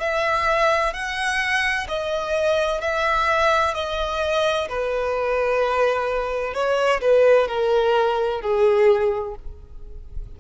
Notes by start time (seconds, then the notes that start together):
0.00 E5
0.93 F#5
1.88 D#5
2.81 E5
3.75 D#5
4.69 B4
6.54 C#5
7.01 B4
7.48 A#4
8.42 G#4